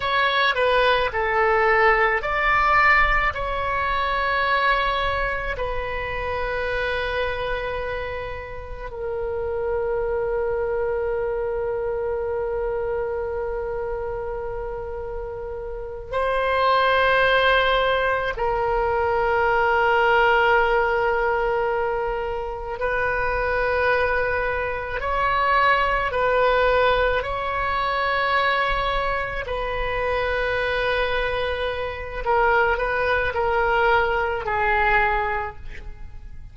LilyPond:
\new Staff \with { instrumentName = "oboe" } { \time 4/4 \tempo 4 = 54 cis''8 b'8 a'4 d''4 cis''4~ | cis''4 b'2. | ais'1~ | ais'2~ ais'8 c''4.~ |
c''8 ais'2.~ ais'8~ | ais'8 b'2 cis''4 b'8~ | b'8 cis''2 b'4.~ | b'4 ais'8 b'8 ais'4 gis'4 | }